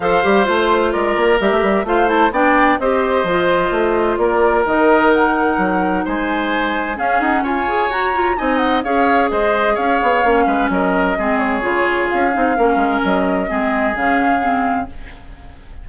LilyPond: <<
  \new Staff \with { instrumentName = "flute" } { \time 4/4 \tempo 4 = 129 f''4 c''4 d''4 e''4 | f''8 a''8 g''4 dis''2~ | dis''4 d''4 dis''4 fis''4~ | fis''4 gis''2 f''8 fis''8 |
gis''4 ais''4 gis''8 fis''8 f''4 | dis''4 f''2 dis''4~ | dis''8 cis''4. f''2 | dis''2 f''2 | }
  \new Staff \with { instrumentName = "oboe" } { \time 4/4 c''2 ais'2 | c''4 d''4 c''2~ | c''4 ais'2.~ | ais'4 c''2 gis'4 |
cis''2 dis''4 cis''4 | c''4 cis''4. b'8 ais'4 | gis'2. ais'4~ | ais'4 gis'2. | }
  \new Staff \with { instrumentName = "clarinet" } { \time 4/4 a'8 g'8 f'2 g'4 | f'8 e'8 d'4 g'4 f'4~ | f'2 dis'2~ | dis'2. cis'4~ |
cis'8 gis'8 fis'8 f'8 dis'4 gis'4~ | gis'2 cis'2 | c'4 f'4. dis'8 cis'4~ | cis'4 c'4 cis'4 c'4 | }
  \new Staff \with { instrumentName = "bassoon" } { \time 4/4 f8 g8 a4 gis8 ais8 g16 a16 g8 | a4 b4 c'4 f4 | a4 ais4 dis2 | fis4 gis2 cis'8 dis'8 |
f'4 fis'4 c'4 cis'4 | gis4 cis'8 b8 ais8 gis8 fis4 | gis4 cis4 cis'8 c'8 ais8 gis8 | fis4 gis4 cis2 | }
>>